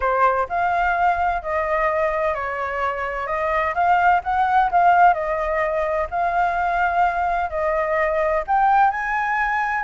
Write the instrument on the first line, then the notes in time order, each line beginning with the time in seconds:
flute
0.00 C5
0.49 F5
1.42 D#5
2.34 C#5
3.27 D#5
3.74 F5
4.23 F#5
4.71 F5
5.13 D#5
6.10 F5
7.49 D#5
8.47 G5
8.91 G#5